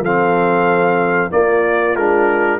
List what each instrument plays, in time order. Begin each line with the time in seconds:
0.00 tuba F3, trombone C4, horn A4, trumpet F5
1.31 trombone A#3, tuba A#3, horn F4, trumpet D5
1.96 tuba G#3, trombone D4, trumpet A#4